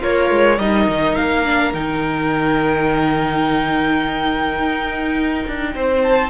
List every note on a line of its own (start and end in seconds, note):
0.00 0.31 A#3
0.00 0.57 F4
0.00 0.59 A#4
0.00 0.59 C#5
0.31 0.59 G#3
0.57 0.87 G3
0.57 1.45 D#4
0.57 5.72 A#4
0.57 1.15 D#5
0.87 1.16 D#3
1.15 1.74 A#3
1.15 1.72 F5
1.45 1.73 D4
1.73 4.59 D#3
1.73 6.30 D#4
1.73 6.02 G5
4.59 5.44 D#4
5.47 5.75 D4
5.75 6.30 C4
5.75 6.30 C5
6.03 6.30 A5